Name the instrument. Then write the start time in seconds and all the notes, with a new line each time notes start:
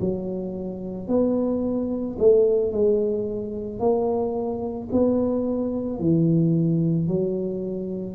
tuba
0.00 F#3
1.08 B3
2.19 A3
2.72 G#3
3.79 A#3
4.92 B3
6.00 E3
7.08 F#3